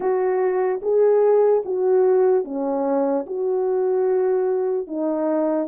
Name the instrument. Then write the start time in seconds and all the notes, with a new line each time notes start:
horn
0.00 F#4
0.82 G#4
1.65 F#4
2.44 C#4
3.26 F#4
4.87 D#4